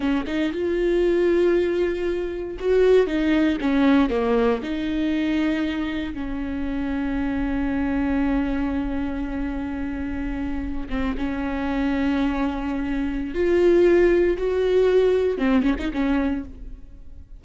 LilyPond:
\new Staff \with { instrumentName = "viola" } { \time 4/4 \tempo 4 = 117 cis'8 dis'8 f'2.~ | f'4 fis'4 dis'4 cis'4 | ais4 dis'2. | cis'1~ |
cis'1~ | cis'4~ cis'16 c'8 cis'2~ cis'16~ | cis'2 f'2 | fis'2 c'8 cis'16 dis'16 cis'4 | }